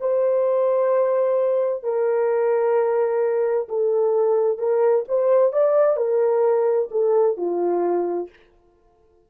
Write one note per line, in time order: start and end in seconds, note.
0.00 1.83 C5
1.83 3.68 A#4
3.68 4.58 A4
4.58 5.04 A#4
5.08 5.53 C5
5.53 5.96 D5
5.96 6.89 A#4
6.91 7.37 A4
7.37 8.29 F4